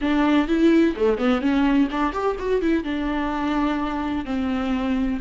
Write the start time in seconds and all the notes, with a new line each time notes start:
0.01 D4
0.47 E4
0.96 A3
1.17 B3
1.41 C#4
1.90 D4
2.12 G4
2.39 F#4
2.61 E4
2.83 D4
4.25 C4